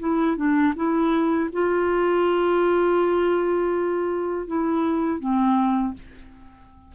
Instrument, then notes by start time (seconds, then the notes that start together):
clarinet
0.00 E4
0.37 D4
0.76 E4
1.53 F4
4.48 E4
5.20 C4